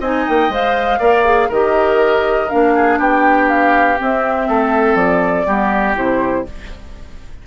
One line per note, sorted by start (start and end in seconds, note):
0.00 0.25 C4
0.00 0.51 D#4
0.00 0.99 D#5
0.00 0.28 G#5
0.28 0.49 A#3
0.28 0.53 G5
0.49 0.99 G#3
0.49 1.00 C5
0.49 1.52 F5
0.99 1.49 A#3
0.99 1.25 A#4
0.99 1.49 D5
1.25 1.50 G#4
1.49 2.49 D#3
1.49 2.49 G4
1.49 2.73 A#4
1.49 2.50 D#5
2.49 2.99 A#3
2.49 3.97 D4
2.49 2.99 F5
2.75 2.99 G#4
2.99 3.98 B3
2.99 4.48 G4
2.99 3.49 G5
3.49 3.99 F5
3.97 5.46 C4
3.97 4.49 C4
3.97 4.96 E5
4.48 4.95 A3
4.48 5.47 A4
4.95 5.44 F3
4.95 5.95 D5
5.46 5.96 G3
5.46 5.95 B3
5.46 6.46 G4
5.96 6.46 C3
5.96 6.45 E4
5.96 6.47 C5